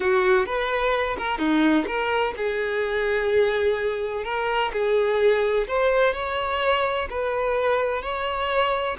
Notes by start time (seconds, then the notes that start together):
0.00 F#4
0.46 B4
1.18 A#4
1.38 D#4
1.86 A#4
2.36 G#4
4.24 A#4
4.72 G#4
5.67 C5
6.13 C#5
7.09 B4
8.02 C#5